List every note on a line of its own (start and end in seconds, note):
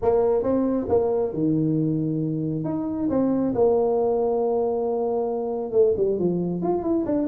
0.01 0.43 A#3
0.43 0.87 C4
0.88 1.33 A#3
1.33 2.64 D#3
2.64 3.08 D#4
3.09 3.54 C4
3.54 5.72 A#3
5.72 5.94 A3
5.97 6.19 G3
6.19 6.62 F3
6.62 6.82 F4
6.82 7.04 E4
7.05 7.27 D4